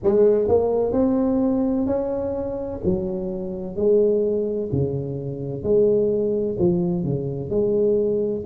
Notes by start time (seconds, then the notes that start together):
0.03 G#3
0.48 A#3
0.92 C4
1.86 C#4
2.84 F#3
3.75 G#3
4.72 C#3
5.62 G#3
6.58 F3
7.04 C#3
7.50 G#3